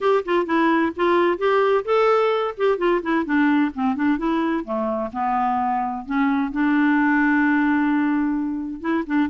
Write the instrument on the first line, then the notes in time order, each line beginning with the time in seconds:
clarinet
0.00 G4
0.25 F4
0.45 E4
0.96 F4
1.37 G4
1.85 A4
2.57 G4
2.77 F4
3.02 E4
3.25 D4
3.74 C4
3.95 D4
4.17 E4
4.64 A3
5.12 B3
6.05 C#4
6.51 D4
8.80 E4
9.06 D4